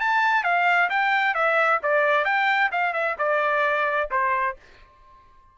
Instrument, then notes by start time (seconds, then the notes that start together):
trumpet
0.00 A5
0.44 F5
0.90 G5
1.34 E5
1.83 D5
2.25 G5
2.72 F5
2.93 E5
3.19 D5
4.11 C5